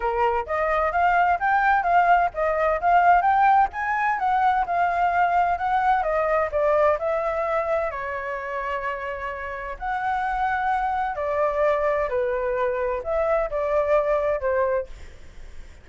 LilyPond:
\new Staff \with { instrumentName = "flute" } { \time 4/4 \tempo 4 = 129 ais'4 dis''4 f''4 g''4 | f''4 dis''4 f''4 g''4 | gis''4 fis''4 f''2 | fis''4 dis''4 d''4 e''4~ |
e''4 cis''2.~ | cis''4 fis''2. | d''2 b'2 | e''4 d''2 c''4 | }